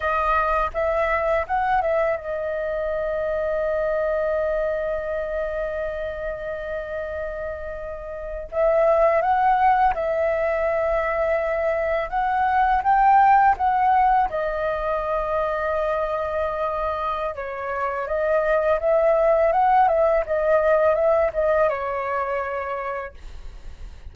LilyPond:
\new Staff \with { instrumentName = "flute" } { \time 4/4 \tempo 4 = 83 dis''4 e''4 fis''8 e''8 dis''4~ | dis''1~ | dis''2.~ dis''8. e''16~ | e''8. fis''4 e''2~ e''16~ |
e''8. fis''4 g''4 fis''4 dis''16~ | dis''1 | cis''4 dis''4 e''4 fis''8 e''8 | dis''4 e''8 dis''8 cis''2 | }